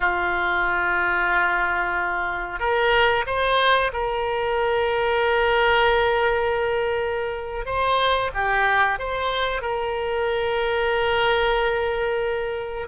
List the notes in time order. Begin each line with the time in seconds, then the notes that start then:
0.00 F4
2.59 A#4
3.26 C5
3.92 A#4
7.65 C5
8.34 G4
8.98 C5
9.61 A#4